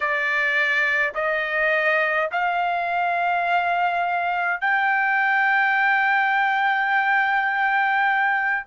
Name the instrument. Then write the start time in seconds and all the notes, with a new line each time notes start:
trumpet
0.00 D5
1.14 D#5
2.31 F5
4.60 G5